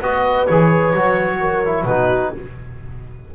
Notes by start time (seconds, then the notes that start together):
0.00 B3 F#4 B4 D#5
0.47 E3 G#4 C#5
0.93 F#3 F#4
1.41 A#4
1.65 E4
1.84 B2 D#4 F#4 B4